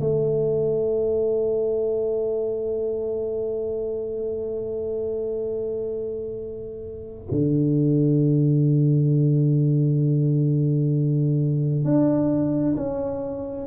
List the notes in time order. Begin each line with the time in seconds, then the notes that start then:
0.00 A3
7.31 D3
11.85 D4
12.77 C#4